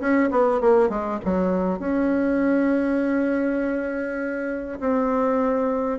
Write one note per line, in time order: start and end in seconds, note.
0.00 0.30 C#4
0.31 0.61 B3
0.61 0.89 A#3
0.89 1.19 G#3
1.25 1.79 F#3
1.79 4.79 C#4
4.80 5.99 C4